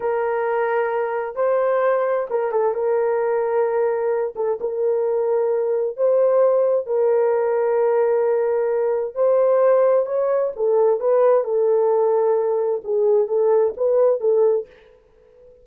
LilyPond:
\new Staff \with { instrumentName = "horn" } { \time 4/4 \tempo 4 = 131 ais'2. c''4~ | c''4 ais'8 a'8 ais'2~ | ais'4. a'8 ais'2~ | ais'4 c''2 ais'4~ |
ais'1 | c''2 cis''4 a'4 | b'4 a'2. | gis'4 a'4 b'4 a'4 | }